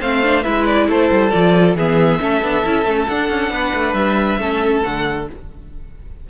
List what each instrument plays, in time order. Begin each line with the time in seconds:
0.00 cello A3, viola C4, violin C5 F5
0.23 viola D4
0.43 cello G#3, viola E4, violin B4 E5
0.66 violin D5
0.88 cello A3, violin A4 C5
1.11 cello G3
1.30 cello F3, viola F4, violin D5
1.75 cello E3, viola B3, violin G#4 E5
2.19 cello A3, viola C#4, violin A4
2.42 cello B3, viola D4
2.64 cello C#4, viola E4
2.85 cello A3, viola C#4
3.07 viola D4, cello D4, violin F#5
3.29 cello C#4
3.50 cello B3, violin B4
3.74 cello A3
3.93 cello G3, violin E5
4.38 cello A3, viola C#4, violin A4
4.83 cello D3, viola A3, violin F#5